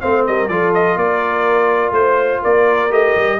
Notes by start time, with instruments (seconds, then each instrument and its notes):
0.00 tuba A3, trombone C4, horn C5, trumpet F5
0.27 tuba G3, horn A#4, trumpet D#5
0.48 tuba F3, trombone F4, horn A4, trumpet D5
0.74 trumpet D#5
0.96 tuba A#3, horn A#4, trumpet D5
1.91 tuba A3, trumpet C5, horn C5
2.42 tuba A#3, horn A#4, trumpet D5
2.90 tuba A3, trombone G4, trumpet D#5
3.15 tuba G3